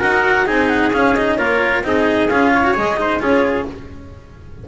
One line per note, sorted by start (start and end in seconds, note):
0.00 0.48 D#4
0.00 0.46 F#4
0.00 0.46 A#4
0.00 0.47 F#5
0.46 0.94 C4
0.46 0.92 D#4
0.46 1.38 G#4
0.46 0.68 G#5
0.68 0.91 F#5
0.93 1.16 C#4
0.93 1.38 C#4
0.93 1.15 F5
1.15 1.38 D#4
1.15 1.37 D#5
1.37 1.82 A#3
1.37 1.84 F4
1.37 1.84 A#4
1.37 1.83 C#5
1.82 2.28 C4
1.82 2.30 D#4
1.82 2.53 G#4
1.82 2.29 D#5
2.29 2.76 C#4
2.29 2.64 F4
2.29 2.75 F5
2.53 2.99 C#5
2.64 2.74 F#4
2.74 3.20 G#3
2.74 2.97 G#4
2.74 3.21 D#5
2.97 3.20 D#4
2.97 3.22 C5
3.20 3.66 C#4
3.20 3.65 F4
3.20 3.68 G#4
3.20 3.67 C#5